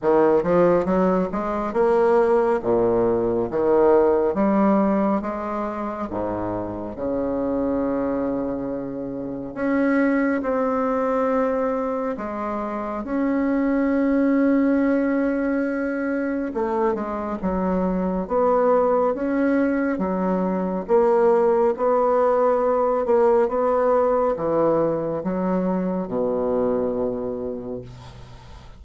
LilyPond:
\new Staff \with { instrumentName = "bassoon" } { \time 4/4 \tempo 4 = 69 dis8 f8 fis8 gis8 ais4 ais,4 | dis4 g4 gis4 gis,4 | cis2. cis'4 | c'2 gis4 cis'4~ |
cis'2. a8 gis8 | fis4 b4 cis'4 fis4 | ais4 b4. ais8 b4 | e4 fis4 b,2 | }